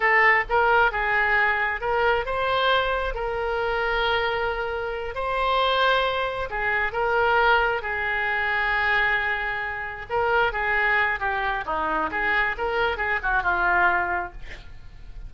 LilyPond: \new Staff \with { instrumentName = "oboe" } { \time 4/4 \tempo 4 = 134 a'4 ais'4 gis'2 | ais'4 c''2 ais'4~ | ais'2.~ ais'8 c''8~ | c''2~ c''8 gis'4 ais'8~ |
ais'4. gis'2~ gis'8~ | gis'2~ gis'8 ais'4 gis'8~ | gis'4 g'4 dis'4 gis'4 | ais'4 gis'8 fis'8 f'2 | }